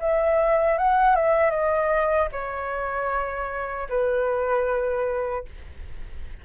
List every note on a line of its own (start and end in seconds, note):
0.00 0.78 E5
0.78 1.15 F#5
1.15 1.50 E5
1.50 2.28 D#5
2.32 3.88 C#5
3.89 5.45 B4